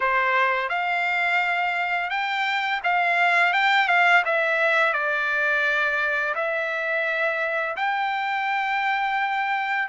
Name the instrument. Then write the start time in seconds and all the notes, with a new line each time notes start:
trumpet
0.00 C5
0.69 F5
2.10 G5
2.83 F5
3.53 G5
3.88 F5
4.25 E5
4.93 D5
6.34 E5
7.76 G5